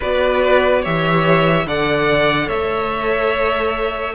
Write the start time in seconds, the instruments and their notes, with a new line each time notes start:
0.00 cello B3, viola F#4, violin B4 D5
0.82 cello E3, viola G4, violin C#5 E5
1.65 cello D3, viola A4, violin D5 F#5
2.47 cello A3, violin C#5 E5